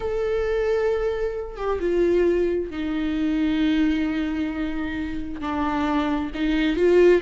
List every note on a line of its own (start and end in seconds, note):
0.00 1.56 A4
1.56 1.79 G4
1.80 2.70 F4
2.70 5.40 D#4
5.40 6.31 D4
6.34 6.76 D#4
6.76 7.21 F4